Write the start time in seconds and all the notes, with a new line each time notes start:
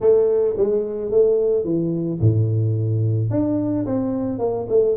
0.00 A3
0.57 G#3
1.10 A3
1.64 E3
2.20 A2
3.30 D4
3.85 C4
4.39 A#3
4.68 A3